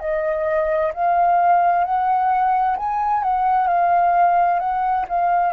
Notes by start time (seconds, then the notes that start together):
0.00 D#5
0.94 F5
1.85 F#5
2.77 G#5
3.23 F#5
3.68 F5
4.60 F#5
5.09 F5